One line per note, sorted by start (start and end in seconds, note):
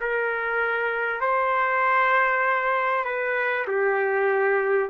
0.00 1.21 A#4
1.21 3.04 C5
3.04 3.66 B4
3.67 4.89 G4